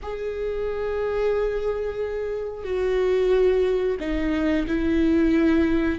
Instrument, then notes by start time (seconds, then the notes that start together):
viola
0.02 G#4
2.64 F#4
3.99 D#4
4.67 E4